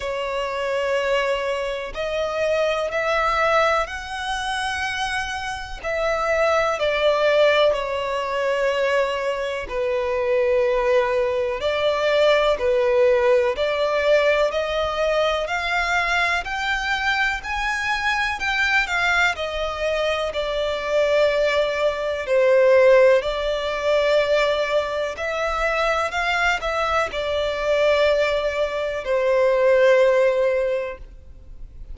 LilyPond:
\new Staff \with { instrumentName = "violin" } { \time 4/4 \tempo 4 = 62 cis''2 dis''4 e''4 | fis''2 e''4 d''4 | cis''2 b'2 | d''4 b'4 d''4 dis''4 |
f''4 g''4 gis''4 g''8 f''8 | dis''4 d''2 c''4 | d''2 e''4 f''8 e''8 | d''2 c''2 | }